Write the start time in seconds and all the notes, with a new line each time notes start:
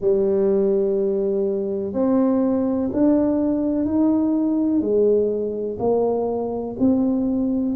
0.00 G3
1.93 C4
2.93 D4
3.85 D#4
4.80 G#3
5.79 A#3
6.79 C4